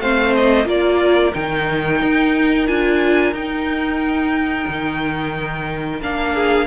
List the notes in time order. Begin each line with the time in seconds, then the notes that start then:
0.00 A3 C4 C5 F5
0.35 D#5
0.65 A#3 F4 A#4 D5
1.34 D#3 D#4 G5
2.02 D#4
2.67 D4 F4 G#5
3.33 D#4 G5
4.68 D#3
6.01 A#3 D4 F5
6.35 G#4